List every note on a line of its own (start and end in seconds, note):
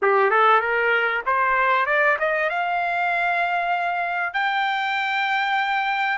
0.02 0.30 G4
0.30 0.60 A4
0.60 1.22 A#4
1.25 1.86 C5
1.86 2.16 D5
2.19 2.49 D#5
2.49 4.33 F5
4.33 6.18 G5